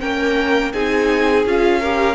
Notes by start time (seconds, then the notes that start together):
0.00 A#3 C#4 A#4 G5
0.73 C4 D#4 G#4 G#5
1.45 C#4 F4 F5
1.80 G4 A#4